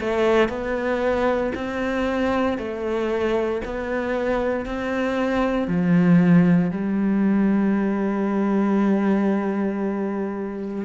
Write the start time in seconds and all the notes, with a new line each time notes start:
0.00 A3
0.49 B3
1.55 C4
2.58 A3
3.65 B3
4.66 C4
5.68 F3
6.71 G3